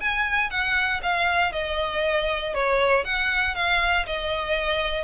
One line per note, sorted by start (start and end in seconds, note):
0.00 0.50 G#5
0.50 1.01 F#5
1.02 1.52 F5
1.52 2.54 D#5
2.54 3.04 C#5
3.04 3.55 F#5
3.55 4.06 F5
4.06 5.04 D#5